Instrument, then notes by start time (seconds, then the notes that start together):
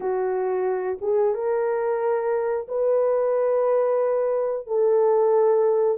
horn
0.00 F#4
1.01 G#4
1.34 A#4
2.68 B4
4.66 A4